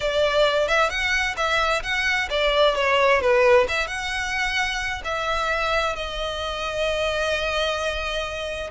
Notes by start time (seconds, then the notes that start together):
0.00 D5
0.68 E5
0.89 F#5
1.36 E5
1.83 F#5
2.29 D5
2.75 C#5
3.21 B4
3.68 E5
3.87 F#5
5.04 E5
5.95 D#5